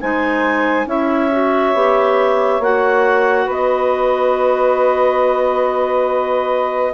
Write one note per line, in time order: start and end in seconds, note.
0.00 0.85 G#3
0.00 0.86 D#4
0.00 0.87 C5
0.00 0.87 G#5
0.85 1.72 C#4
0.85 1.29 E4
0.85 3.44 C#5
0.85 2.62 E5
1.31 1.74 F#4
1.74 2.59 B3
1.74 2.61 G4
2.59 3.46 A#3
2.59 6.93 F#4
2.59 3.49 F#5
3.44 6.93 B3
3.44 6.92 B4
3.51 6.93 D#5